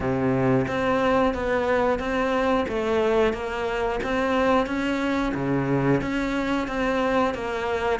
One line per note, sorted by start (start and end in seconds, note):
0.00 0.66 C3
0.67 1.33 C4
1.33 1.98 B3
1.98 2.65 C4
2.68 3.33 A3
3.33 3.99 A#3
4.03 4.66 C4
4.66 5.32 C#4
5.34 6.01 C#3
6.01 6.67 C#4
6.67 7.34 C4
7.34 7.99 A#3